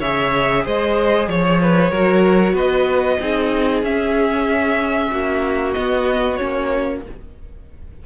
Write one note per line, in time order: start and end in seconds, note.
0.00 0.66 C#3
0.00 1.93 G#4
0.00 0.64 C#5
0.00 0.66 E5
0.65 1.28 G#3
0.65 1.29 C5
0.65 1.29 D#5
1.28 1.92 F3
1.28 2.57 C#5
1.28 1.61 C#5
1.61 1.91 B4
1.91 2.54 F#3
1.91 3.20 F#4
1.91 2.54 A#4
2.54 3.18 B3
2.54 3.18 B4
2.54 3.85 D#5
3.20 3.83 C4
3.20 3.84 D#4
3.20 5.11 G#4
3.83 5.11 C#4
3.83 5.76 C#4
3.83 5.73 E5
5.11 5.76 A#3
5.11 7.03 F#4
5.73 6.39 B3
5.73 6.41 B3
5.73 6.37 D#5
6.37 7.06 A#3
6.37 7.03 C#4
6.37 7.01 C#5